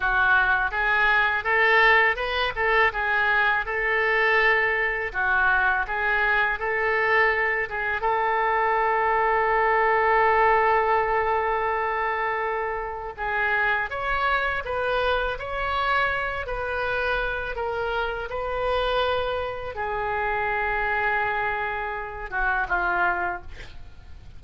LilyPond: \new Staff \with { instrumentName = "oboe" } { \time 4/4 \tempo 4 = 82 fis'4 gis'4 a'4 b'8 a'8 | gis'4 a'2 fis'4 | gis'4 a'4. gis'8 a'4~ | a'1~ |
a'2 gis'4 cis''4 | b'4 cis''4. b'4. | ais'4 b'2 gis'4~ | gis'2~ gis'8 fis'8 f'4 | }